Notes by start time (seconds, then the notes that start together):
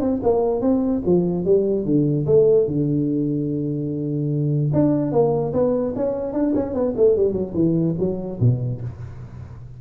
0.00 C4
0.23 A#3
0.61 C4
1.05 F3
1.45 G3
1.85 D3
2.26 A3
2.67 D3
4.73 D4
5.12 A#3
5.53 B3
5.96 C#4
6.33 D4
6.55 C#4
6.74 B3
6.97 A3
7.16 G3
7.32 F#3
7.54 E3
7.99 F#3
8.40 B2